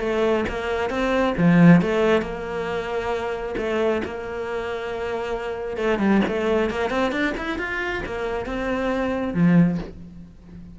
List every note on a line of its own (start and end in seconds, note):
0.00 0.44 A3
0.48 0.89 A#3
0.89 1.34 C4
1.37 1.81 F3
1.81 2.22 A3
2.22 3.55 A#3
3.57 4.02 A3
4.05 5.77 A#3
5.77 5.99 A3
5.99 6.21 G3
6.28 6.70 A3
6.70 6.90 A#3
6.90 7.12 C4
7.12 7.34 D4
7.37 7.59 E4
7.59 8.03 F4
8.06 8.46 A#3
8.46 9.34 C4
9.34 9.78 F3